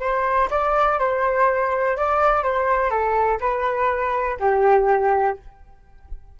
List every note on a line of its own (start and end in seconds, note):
0.00 0.49 C5
0.50 0.99 D5
0.99 1.96 C5
1.97 2.43 D5
2.43 2.90 C5
2.90 3.39 A4
3.40 4.38 B4
4.39 5.37 G4